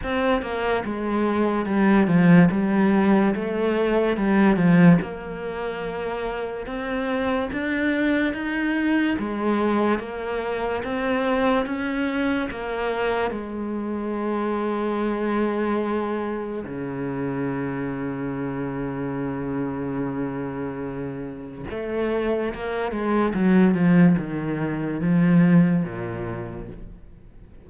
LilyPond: \new Staff \with { instrumentName = "cello" } { \time 4/4 \tempo 4 = 72 c'8 ais8 gis4 g8 f8 g4 | a4 g8 f8 ais2 | c'4 d'4 dis'4 gis4 | ais4 c'4 cis'4 ais4 |
gis1 | cis1~ | cis2 a4 ais8 gis8 | fis8 f8 dis4 f4 ais,4 | }